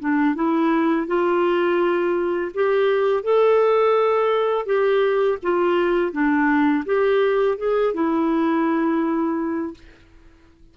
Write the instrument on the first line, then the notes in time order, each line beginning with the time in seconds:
clarinet
0.00 D4
0.35 E4
1.07 F4
2.54 G4
3.24 A4
4.66 G4
5.43 F4
6.12 D4
6.86 G4
7.58 G#4
7.94 E4